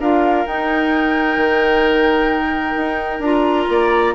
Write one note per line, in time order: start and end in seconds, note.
0.00 0.46 D4
0.00 0.47 F4
0.00 3.70 A#4
0.00 0.47 F5
0.46 1.37 D#4
0.46 3.24 D#4
0.46 3.23 G5
1.37 2.75 D#3
2.77 3.20 D#4
3.20 3.66 D4
3.20 4.15 F4
3.20 4.15 A#5
3.69 4.15 A#3
3.69 4.15 D5